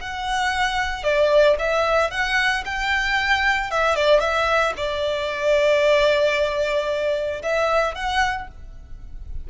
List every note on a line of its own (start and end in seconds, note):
0.00 1.03 F#5
1.03 1.56 D5
1.59 2.10 E5
2.10 2.64 F#5
2.65 3.70 G5
3.70 3.95 E5
3.95 4.20 D5
4.20 4.73 E5
4.76 7.42 D5
7.42 7.94 E5
7.94 8.47 F#5